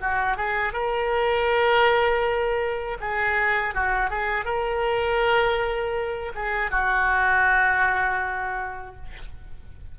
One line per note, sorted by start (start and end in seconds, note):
0.00 0.36 F#4
0.36 0.72 G#4
0.72 2.97 A#4
3.00 3.74 G#4
3.74 4.09 F#4
4.09 4.44 G#4
4.44 6.32 A#4
6.34 6.70 G#4
6.70 8.95 F#4